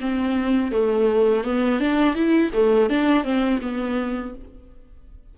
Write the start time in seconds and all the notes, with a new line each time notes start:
0.00 C4
0.72 A3
1.44 B3
1.80 D4
2.15 E4
2.53 A3
2.89 D4
3.24 C4
3.61 B3